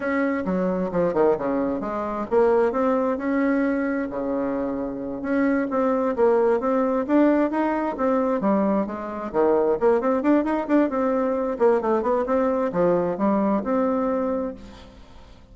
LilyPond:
\new Staff \with { instrumentName = "bassoon" } { \time 4/4 \tempo 4 = 132 cis'4 fis4 f8 dis8 cis4 | gis4 ais4 c'4 cis'4~ | cis'4 cis2~ cis8 cis'8~ | cis'8 c'4 ais4 c'4 d'8~ |
d'8 dis'4 c'4 g4 gis8~ | gis8 dis4 ais8 c'8 d'8 dis'8 d'8 | c'4. ais8 a8 b8 c'4 | f4 g4 c'2 | }